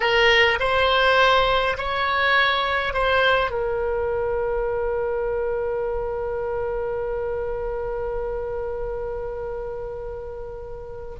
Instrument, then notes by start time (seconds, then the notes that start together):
oboe
0.00 A#4
0.59 C5
1.77 C#5
2.93 C5
3.50 A#4